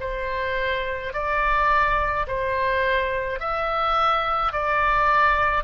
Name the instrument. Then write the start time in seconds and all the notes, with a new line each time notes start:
oboe
0.00 C5
1.13 D5
2.27 C5
3.40 E5
4.52 D5